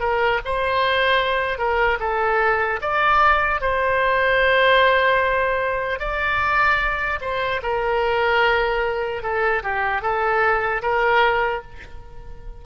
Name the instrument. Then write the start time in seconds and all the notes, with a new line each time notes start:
oboe
0.00 A#4
0.45 C5
1.58 A#4
2.00 A4
2.81 D5
3.61 C5
5.99 D5
7.21 C5
7.63 A#4
9.23 A4
9.63 G4
10.02 A4
10.82 A#4